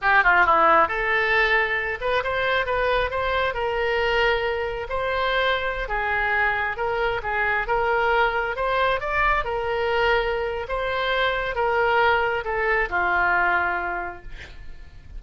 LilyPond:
\new Staff \with { instrumentName = "oboe" } { \time 4/4 \tempo 4 = 135 g'8 f'8 e'4 a'2~ | a'8 b'8 c''4 b'4 c''4 | ais'2. c''4~ | c''4~ c''16 gis'2 ais'8.~ |
ais'16 gis'4 ais'2 c''8.~ | c''16 d''4 ais'2~ ais'8. | c''2 ais'2 | a'4 f'2. | }